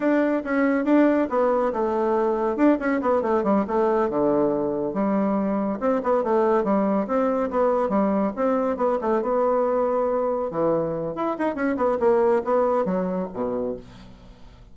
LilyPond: \new Staff \with { instrumentName = "bassoon" } { \time 4/4 \tempo 4 = 140 d'4 cis'4 d'4 b4 | a2 d'8 cis'8 b8 a8 | g8 a4 d2 g8~ | g4. c'8 b8 a4 g8~ |
g8 c'4 b4 g4 c'8~ | c'8 b8 a8 b2~ b8~ | b8 e4. e'8 dis'8 cis'8 b8 | ais4 b4 fis4 b,4 | }